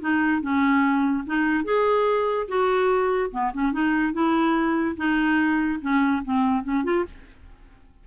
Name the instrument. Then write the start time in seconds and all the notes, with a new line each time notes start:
clarinet
0.00 D#4
0.41 C#4
1.26 D#4
1.64 G#4
2.48 F#4
3.31 B3
3.53 C#4
3.72 D#4
4.13 E4
4.97 D#4
5.81 C#4
6.24 C4
6.63 C#4
6.84 F4